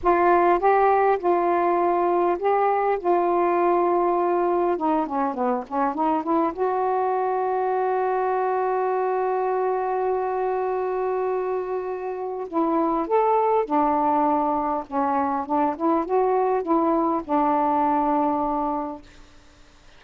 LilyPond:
\new Staff \with { instrumentName = "saxophone" } { \time 4/4 \tempo 4 = 101 f'4 g'4 f'2 | g'4 f'2. | dis'8 cis'8 b8 cis'8 dis'8 e'8 fis'4~ | fis'1~ |
fis'1~ | fis'4 e'4 a'4 d'4~ | d'4 cis'4 d'8 e'8 fis'4 | e'4 d'2. | }